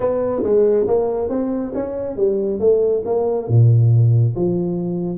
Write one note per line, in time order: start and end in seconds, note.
0.00 0.42 B3
0.43 0.86 G#3
0.87 1.29 A#3
1.29 1.73 C4
1.74 2.16 C#4
2.16 2.59 G3
2.59 3.03 A3
3.05 3.48 A#3
3.48 4.35 A#2
4.35 5.17 F3